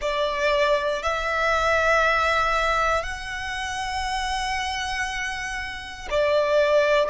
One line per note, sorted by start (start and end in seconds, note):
0.00 1.02 D5
1.03 3.03 E5
3.03 6.08 F#5
6.10 7.09 D5